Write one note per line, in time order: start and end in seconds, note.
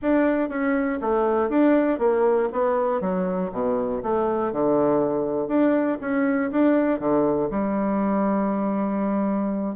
0.02 0.49 D4
0.49 0.99 C#4
1.01 1.49 A3
1.49 1.98 D4
1.98 2.48 A#3
2.52 3.00 B3
3.00 3.50 F#3
3.52 4.02 B2
4.02 4.52 A3
4.52 5.47 D3
5.47 5.97 D4
6.00 6.50 C#4
6.51 6.99 D4
6.99 7.49 D3
7.50 9.75 G3